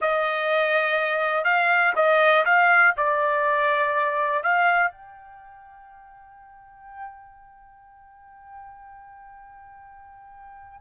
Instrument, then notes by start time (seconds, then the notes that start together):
trumpet
0.01 D#5
1.44 F5
1.95 D#5
2.45 F5
2.96 D5
4.43 F5
4.91 G5